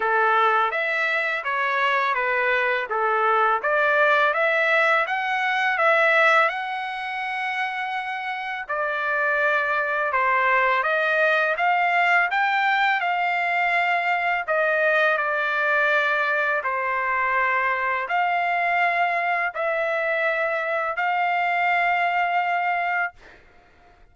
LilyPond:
\new Staff \with { instrumentName = "trumpet" } { \time 4/4 \tempo 4 = 83 a'4 e''4 cis''4 b'4 | a'4 d''4 e''4 fis''4 | e''4 fis''2. | d''2 c''4 dis''4 |
f''4 g''4 f''2 | dis''4 d''2 c''4~ | c''4 f''2 e''4~ | e''4 f''2. | }